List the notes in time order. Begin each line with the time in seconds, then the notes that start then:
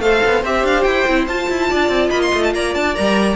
0.00 A3 A4 C5 F5
0.26 B3
0.43 C4 G4 E5
0.64 D4 F5
0.83 E4 G5
1.07 C4 E4
1.27 F4 A5
1.50 E4
1.70 D4 D5
1.89 C4
2.10 A#3 D#5 B5
2.22 C6
2.34 A3
2.43 A5
2.54 A#3 D5 A#5
2.75 D4 A5
2.95 G3 A#4 A#5